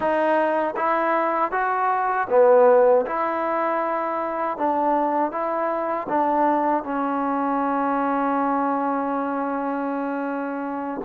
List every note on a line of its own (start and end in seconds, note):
0.00 0.74 D#4
0.76 1.51 E4
1.51 2.27 F#4
2.29 3.05 B3
3.06 4.57 E4
4.57 5.31 D4
5.31 6.07 E4
6.08 6.83 D4
6.83 11.01 C#4